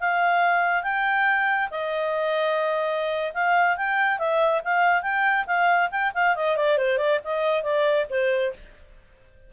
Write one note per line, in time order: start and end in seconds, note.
0.00 0.83 F5
0.83 1.69 G5
1.70 3.32 D#5
3.34 3.77 F5
3.77 4.18 G5
4.18 4.61 E5
4.64 5.02 F5
5.02 5.45 G5
5.46 5.89 F5
5.91 6.12 G5
6.14 6.36 F5
6.36 6.56 D#5
6.56 6.77 D5
6.77 6.97 C5
6.97 7.19 D5
7.24 7.63 D#5
7.63 8.06 D5
8.09 8.53 C5